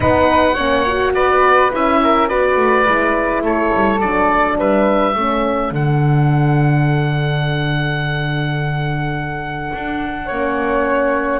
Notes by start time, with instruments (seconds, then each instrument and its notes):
0.00 double bass B3, horn D#4, flute B4, oboe F#5
0.54 double bass A#3, horn C#4, flute C#5
0.85 horn F#4
1.14 double bass B3, flute B4, oboe D5
1.71 double bass C#4, horn E4, oboe E5
2.03 flute A#4
2.28 double bass B3, horn F#4, flute B4, oboe D5
2.56 double bass A3
2.85 double bass G#3, horn E4
3.41 double bass A3, flute A4, oboe C#5
3.74 double bass G3
4.00 double bass F#3, horn D4, oboe D5
4.58 double bass G3, flute B4, oboe E5
5.13 double bass A3, horn C#4, flute A4
5.71 double bass D3, horn D4, oboe F#5
9.73 double bass D4
10.26 double bass A#3, horn C#4, flute C#5